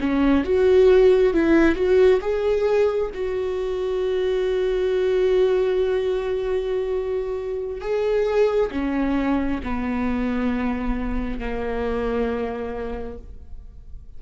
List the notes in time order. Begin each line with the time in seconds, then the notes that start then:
0.00 C#4
0.44 F#4
1.33 E4
1.75 F#4
2.21 G#4
3.14 F#4
7.81 G#4
8.71 C#4
9.63 B3
11.39 A#3